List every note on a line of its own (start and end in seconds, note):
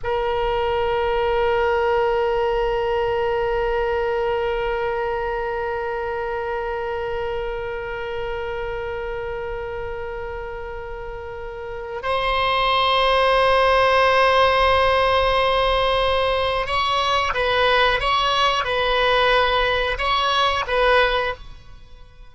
0.03 12.02 A#4
12.02 16.66 C5
16.66 17.32 C#5
17.34 17.99 B4
17.99 18.64 C#5
18.64 19.97 B4
19.98 20.65 C#5
20.67 21.33 B4